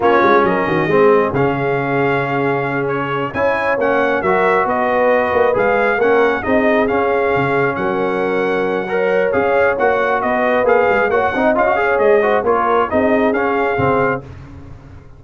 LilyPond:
<<
  \new Staff \with { instrumentName = "trumpet" } { \time 4/4 \tempo 4 = 135 cis''4 dis''2 f''4~ | f''2~ f''8 cis''4 gis''8~ | gis''8 fis''4 e''4 dis''4.~ | dis''8 f''4 fis''4 dis''4 f''8~ |
f''4. fis''2~ fis''8~ | fis''4 f''4 fis''4 dis''4 | f''4 fis''4 f''4 dis''4 | cis''4 dis''4 f''2 | }
  \new Staff \with { instrumentName = "horn" } { \time 4/4 f'4 ais'8 fis'8 gis'2~ | gis'2.~ gis'8 cis''8~ | cis''4. ais'4 b'4.~ | b'4. ais'4 gis'4.~ |
gis'4. ais'2~ ais'8 | cis''2. b'4~ | b'4 cis''8 dis''4 cis''4 c''8 | ais'4 gis'2. | }
  \new Staff \with { instrumentName = "trombone" } { \time 4/4 cis'2 c'4 cis'4~ | cis'2.~ cis'8 e'8~ | e'8 cis'4 fis'2~ fis'8~ | fis'8 gis'4 cis'4 dis'4 cis'8~ |
cis'1 | ais'4 gis'4 fis'2 | gis'4 fis'8 dis'8 f'16 fis'16 gis'4 fis'8 | f'4 dis'4 cis'4 c'4 | }
  \new Staff \with { instrumentName = "tuba" } { \time 4/4 ais8 gis8 fis8 dis8 gis4 cis4~ | cis2.~ cis8 cis'8~ | cis'8 ais4 fis4 b4. | ais8 gis4 ais4 c'4 cis'8~ |
cis'8 cis4 fis2~ fis8~ | fis4 cis'4 ais4 b4 | ais8 gis8 ais8 c'8 cis'4 gis4 | ais4 c'4 cis'4 cis4 | }
>>